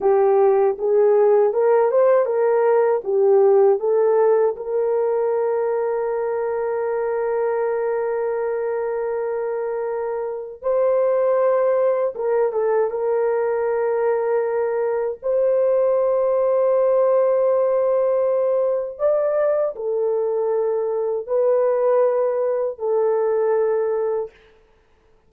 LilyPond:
\new Staff \with { instrumentName = "horn" } { \time 4/4 \tempo 4 = 79 g'4 gis'4 ais'8 c''8 ais'4 | g'4 a'4 ais'2~ | ais'1~ | ais'2 c''2 |
ais'8 a'8 ais'2. | c''1~ | c''4 d''4 a'2 | b'2 a'2 | }